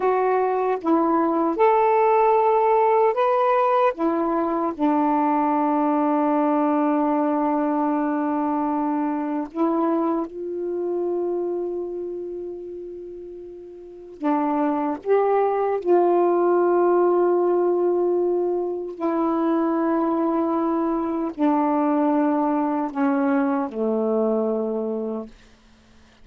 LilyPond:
\new Staff \with { instrumentName = "saxophone" } { \time 4/4 \tempo 4 = 76 fis'4 e'4 a'2 | b'4 e'4 d'2~ | d'1 | e'4 f'2.~ |
f'2 d'4 g'4 | f'1 | e'2. d'4~ | d'4 cis'4 a2 | }